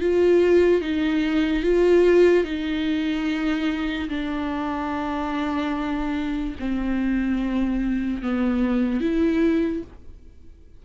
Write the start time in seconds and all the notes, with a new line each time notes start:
0.00 F4
0.81 D#4
1.63 F4
2.44 D#4
4.09 D4
6.59 C4
8.22 B3
9.00 E4